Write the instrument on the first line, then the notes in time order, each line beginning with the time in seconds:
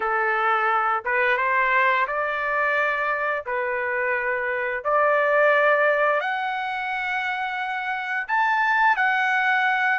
trumpet
0.00 A4
1.04 B4
1.37 C5
2.07 D5
3.46 B4
4.83 D5
6.20 F#5
8.27 A5
8.96 F#5